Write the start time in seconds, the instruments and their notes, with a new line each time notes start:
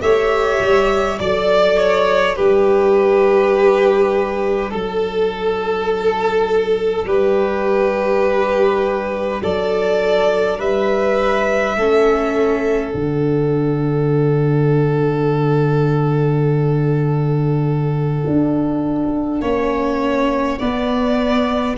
0.00 tuba A3, viola G4, violin C#5 E5
0.60 tuba G3
1.18 tuba F#3, viola A4, violin D5
1.77 violin C#5
2.35 tuba G3, viola D4, violin G4 B4
4.70 tuba F#3, violin A4
7.05 tuba G3, violin G4 B4
9.42 tuba F#3, violin A4 D5
10.58 tuba G3, violin B4 E5
11.76 tuba A3, viola C#4, violin A4
12.92 tuba D3, viola D4, violin F#5
18.26 tuba D4
19.40 tuba A#3, viola C#4, violin C#5
20.58 viola B3, tuba B3, violin D5